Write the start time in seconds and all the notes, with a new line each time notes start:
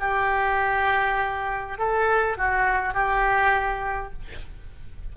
0.00 G4
1.78 A4
2.38 F#4
2.94 G4